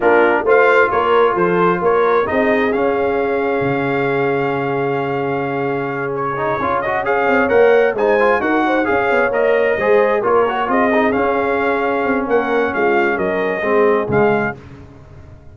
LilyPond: <<
  \new Staff \with { instrumentName = "trumpet" } { \time 4/4 \tempo 4 = 132 ais'4 f''4 cis''4 c''4 | cis''4 dis''4 f''2~ | f''1~ | f''4. cis''4. dis''8 f''8~ |
f''8 fis''4 gis''4 fis''4 f''8~ | f''8 dis''2 cis''4 dis''8~ | dis''8 f''2~ f''8 fis''4 | f''4 dis''2 f''4 | }
  \new Staff \with { instrumentName = "horn" } { \time 4/4 f'4 c''4 ais'4 a'4 | ais'4 gis'2.~ | gis'1~ | gis'2.~ gis'8 cis''8~ |
cis''4. c''4 ais'8 c''8 cis''8~ | cis''4. c''4 ais'4 gis'8~ | gis'2. ais'4 | f'4 ais'4 gis'2 | }
  \new Staff \with { instrumentName = "trombone" } { \time 4/4 d'4 f'2.~ | f'4 dis'4 cis'2~ | cis'1~ | cis'2 dis'8 f'8 fis'8 gis'8~ |
gis'8 ais'4 dis'8 f'8 fis'4 gis'8~ | gis'8 ais'4 gis'4 f'8 fis'8 f'8 | dis'8 cis'2.~ cis'8~ | cis'2 c'4 gis4 | }
  \new Staff \with { instrumentName = "tuba" } { \time 4/4 ais4 a4 ais4 f4 | ais4 c'4 cis'2 | cis1~ | cis2~ cis8 cis'4. |
c'8 ais4 gis4 dis'4 cis'8 | b8 ais4 gis4 ais4 c'8~ | c'8 cis'2 c'8 ais4 | gis4 fis4 gis4 cis4 | }
>>